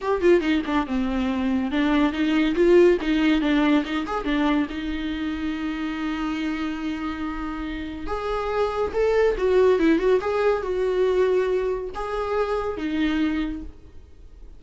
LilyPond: \new Staff \with { instrumentName = "viola" } { \time 4/4 \tempo 4 = 141 g'8 f'8 dis'8 d'8 c'2 | d'4 dis'4 f'4 dis'4 | d'4 dis'8 gis'8 d'4 dis'4~ | dis'1~ |
dis'2. gis'4~ | gis'4 a'4 fis'4 e'8 fis'8 | gis'4 fis'2. | gis'2 dis'2 | }